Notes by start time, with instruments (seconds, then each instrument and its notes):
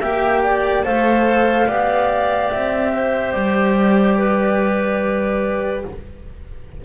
0.00 double bass A#3, cello G4, clarinet E5, flute G5
0.43 clarinet D5
0.83 double bass A3, cello A4, clarinet C5, flute F5
1.67 double bass B3, cello G4, clarinet D5
2.50 double bass C4, flute E5
2.93 clarinet C5
3.32 double bass G3, flute D5
4.17 clarinet B4